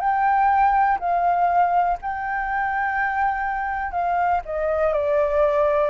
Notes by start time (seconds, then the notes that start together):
0.00 G5
0.99 F5
2.02 G5
3.92 F5
4.45 D#5
4.93 D5